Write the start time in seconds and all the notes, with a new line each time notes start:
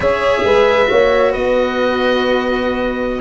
0.00 C#4 G#4 C#5 E5
0.44 G#3 B4
0.85 A#3 F#4 C#5
1.31 B3 B4 D#5